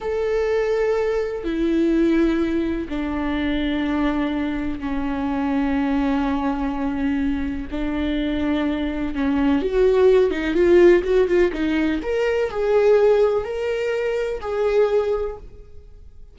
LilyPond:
\new Staff \with { instrumentName = "viola" } { \time 4/4 \tempo 4 = 125 a'2. e'4~ | e'2 d'2~ | d'2 cis'2~ | cis'1 |
d'2. cis'4 | fis'4. dis'8 f'4 fis'8 f'8 | dis'4 ais'4 gis'2 | ais'2 gis'2 | }